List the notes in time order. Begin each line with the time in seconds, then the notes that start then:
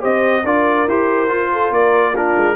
0.00 C4 G4 C5 D#5
0.44 D4 F4 A#4 D5
0.87 E4 G4 C5
1.29 F4
1.52 A4
1.71 A#3 A#4 D5
2.13 D4 F4 A#4
2.36 G#3